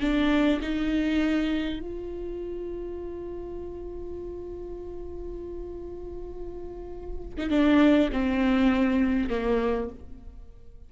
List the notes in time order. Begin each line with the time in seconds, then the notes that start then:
0.00 D4
0.61 D#4
1.80 F4
7.37 D#4
7.50 D4
8.12 C4
9.29 A#3